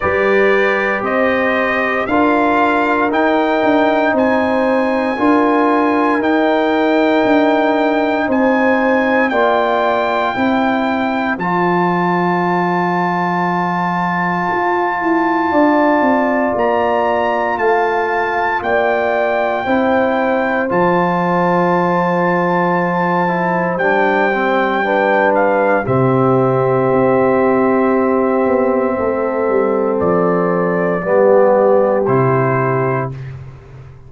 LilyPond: <<
  \new Staff \with { instrumentName = "trumpet" } { \time 4/4 \tempo 4 = 58 d''4 dis''4 f''4 g''4 | gis''2 g''2 | gis''4 g''2 a''4~ | a''1 |
ais''4 a''4 g''2 | a''2. g''4~ | g''8 f''8 e''2.~ | e''4 d''2 c''4 | }
  \new Staff \with { instrumentName = "horn" } { \time 4/4 b'4 c''4 ais'2 | c''4 ais'2. | c''4 d''4 c''2~ | c''2. d''4~ |
d''4 f''4 d''4 c''4~ | c''1 | b'4 g'2. | a'2 g'2 | }
  \new Staff \with { instrumentName = "trombone" } { \time 4/4 g'2 f'4 dis'4~ | dis'4 f'4 dis'2~ | dis'4 f'4 e'4 f'4~ | f'1~ |
f'2. e'4 | f'2~ f'8 e'8 d'8 c'8 | d'4 c'2.~ | c'2 b4 e'4 | }
  \new Staff \with { instrumentName = "tuba" } { \time 4/4 g4 c'4 d'4 dis'8 d'8 | c'4 d'4 dis'4 d'4 | c'4 ais4 c'4 f4~ | f2 f'8 e'8 d'8 c'8 |
ais4 a4 ais4 c'4 | f2. g4~ | g4 c4 c'4. b8 | a8 g8 f4 g4 c4 | }
>>